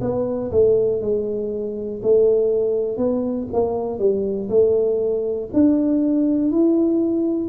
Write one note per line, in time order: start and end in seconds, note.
0.00 0.50 B3
0.50 1.00 A3
1.01 2.01 G#3
2.02 2.97 A3
2.97 3.47 B3
3.52 3.99 A#3
3.99 4.49 G3
4.49 5.49 A3
5.53 6.50 D4
6.50 7.49 E4